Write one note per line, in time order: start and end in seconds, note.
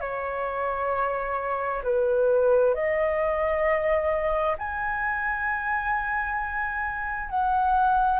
0.00 1.82 C#5
1.83 2.74 B4
2.74 4.56 D#5
4.58 7.29 G#5
7.29 8.19 F#5